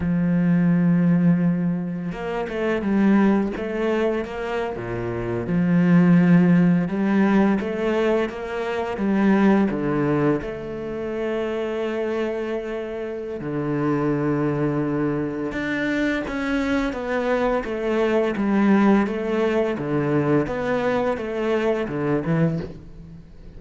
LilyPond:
\new Staff \with { instrumentName = "cello" } { \time 4/4 \tempo 4 = 85 f2. ais8 a8 | g4 a4 ais8. ais,4 f16~ | f4.~ f16 g4 a4 ais16~ | ais8. g4 d4 a4~ a16~ |
a2. d4~ | d2 d'4 cis'4 | b4 a4 g4 a4 | d4 b4 a4 d8 e8 | }